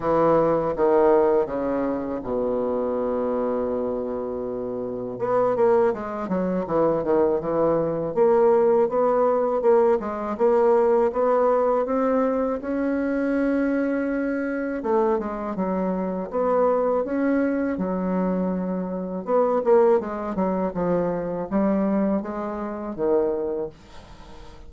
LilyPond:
\new Staff \with { instrumentName = "bassoon" } { \time 4/4 \tempo 4 = 81 e4 dis4 cis4 b,4~ | b,2. b8 ais8 | gis8 fis8 e8 dis8 e4 ais4 | b4 ais8 gis8 ais4 b4 |
c'4 cis'2. | a8 gis8 fis4 b4 cis'4 | fis2 b8 ais8 gis8 fis8 | f4 g4 gis4 dis4 | }